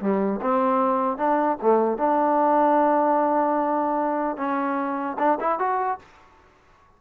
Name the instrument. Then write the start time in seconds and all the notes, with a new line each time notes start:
trombone
0.00 G3
0.41 C4
1.17 D4
1.61 A3
1.97 D4
4.37 C#4
5.18 D4
5.40 E4
5.59 F#4